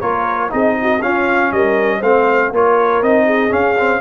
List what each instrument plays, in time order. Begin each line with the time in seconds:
0.00 tuba A#3, trombone F4, horn A#4, trumpet C#5
0.49 tuba C4, trombone D#4, horn G#4, trumpet D#5
0.82 horn F#4
1.01 tuba C#4, trombone C#4, horn F4, trumpet F5
1.52 tuba G3, horn A#4, trumpet D#5
1.99 tuba A3, trombone C4, horn C5, trumpet F5
2.51 tuba A#3, trombone F4, horn A#4, trumpet C#5
3.02 tuba C4, trombone D#4, trumpet D#5
3.26 horn G#4
3.49 trombone C#4, tuba C#4, trumpet F5
3.78 trombone C4